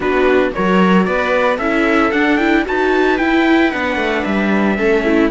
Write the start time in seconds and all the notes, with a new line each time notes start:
0.00 B3 D4 F#4 B4
0.52 F#3 F#4 A#4 C#5
1.04 B3 B4 D5
1.56 C#4 E4 A4 E5
2.11 D4 F#5
2.37 E4 G5
2.64 D#4 F#4 B4 A5
3.18 E4 G5
3.70 B3 D4 F#5
3.96 A3
4.24 G3 E5
4.77 A3 C#4 A4
5.04 E4